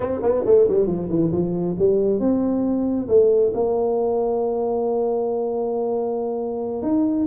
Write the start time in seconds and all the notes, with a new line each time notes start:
0.00 C4
0.22 B3
0.45 A3
0.68 G3
0.86 F3
1.09 E3
1.32 F3
1.79 G3
2.19 C4
3.08 A3
3.54 A#3
6.82 D#4